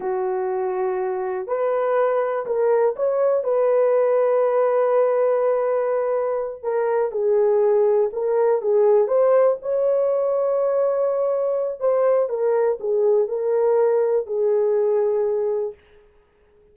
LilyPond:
\new Staff \with { instrumentName = "horn" } { \time 4/4 \tempo 4 = 122 fis'2. b'4~ | b'4 ais'4 cis''4 b'4~ | b'1~ | b'4. ais'4 gis'4.~ |
gis'8 ais'4 gis'4 c''4 cis''8~ | cis''1 | c''4 ais'4 gis'4 ais'4~ | ais'4 gis'2. | }